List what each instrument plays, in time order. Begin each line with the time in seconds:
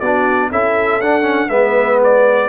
0.00 tuba B3, trombone D4, horn F#4, trumpet D5
0.52 tuba C#4, trombone E4, horn A4, trumpet E5
1.01 tuba D4, trombone D4, trumpet F#5
1.22 trombone C#4
1.49 tuba G#3, trombone B3, horn B4, trumpet E5
2.04 trumpet D5